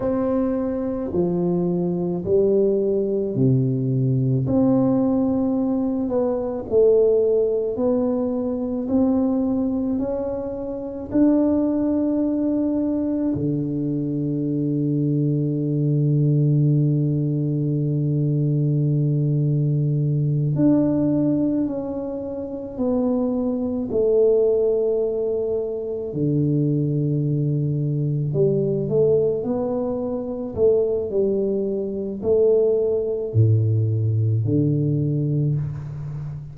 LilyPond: \new Staff \with { instrumentName = "tuba" } { \time 4/4 \tempo 4 = 54 c'4 f4 g4 c4 | c'4. b8 a4 b4 | c'4 cis'4 d'2 | d1~ |
d2~ d8 d'4 cis'8~ | cis'8 b4 a2 d8~ | d4. g8 a8 b4 a8 | g4 a4 a,4 d4 | }